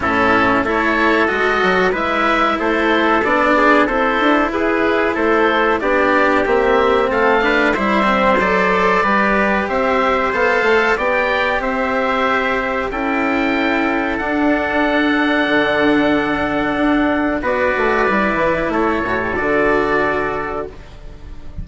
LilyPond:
<<
  \new Staff \with { instrumentName = "oboe" } { \time 4/4 \tempo 4 = 93 a'4 cis''4 dis''4 e''4 | c''4 d''4 c''4 b'4 | c''4 d''4 e''4 f''4 | e''4 d''2 e''4 |
f''4 g''4 e''2 | g''2 fis''2~ | fis''2. d''4~ | d''4 cis''4 d''2 | }
  \new Staff \with { instrumentName = "trumpet" } { \time 4/4 e'4 a'2 b'4 | a'4. gis'8 a'4 gis'4 | a'4 g'2 a'8 b'8 | c''2 b'4 c''4~ |
c''4 d''4 c''2 | a'1~ | a'2. b'4~ | b'4 a'2. | }
  \new Staff \with { instrumentName = "cello" } { \time 4/4 cis'4 e'4 fis'4 e'4~ | e'4 d'4 e'2~ | e'4 d'4 c'4. d'8 | e'8 c'8 a'4 g'2 |
a'4 g'2. | e'2 d'2~ | d'2. fis'4 | e'4. fis'16 g'16 fis'2 | }
  \new Staff \with { instrumentName = "bassoon" } { \time 4/4 a,4 a4 gis8 fis8 gis4 | a4 b4 c'8 d'8 e'4 | a4 b4 ais4 a4 | g4 fis4 g4 c'4 |
b8 a8 b4 c'2 | cis'2 d'2 | d2 d'4 b8 a8 | g8 e8 a8 a,8 d2 | }
>>